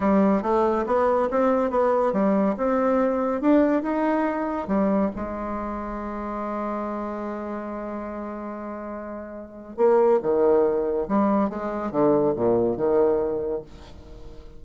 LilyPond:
\new Staff \with { instrumentName = "bassoon" } { \time 4/4 \tempo 4 = 141 g4 a4 b4 c'4 | b4 g4 c'2 | d'4 dis'2 g4 | gis1~ |
gis1~ | gis2. ais4 | dis2 g4 gis4 | d4 ais,4 dis2 | }